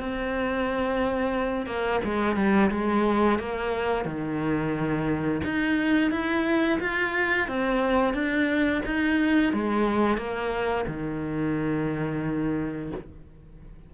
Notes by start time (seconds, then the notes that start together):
0.00 C4
1.67 A#3
2.05 G#3
2.36 G3
2.71 G#3
3.39 A#3
4.05 D#3
5.45 D#4
6.11 E4
6.80 F4
7.48 C4
8.14 D4
8.86 D#4
9.54 G#3
10.17 A#3
10.87 D#3